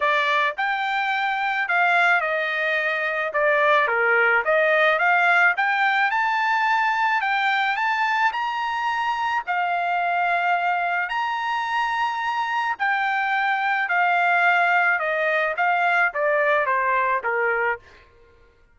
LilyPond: \new Staff \with { instrumentName = "trumpet" } { \time 4/4 \tempo 4 = 108 d''4 g''2 f''4 | dis''2 d''4 ais'4 | dis''4 f''4 g''4 a''4~ | a''4 g''4 a''4 ais''4~ |
ais''4 f''2. | ais''2. g''4~ | g''4 f''2 dis''4 | f''4 d''4 c''4 ais'4 | }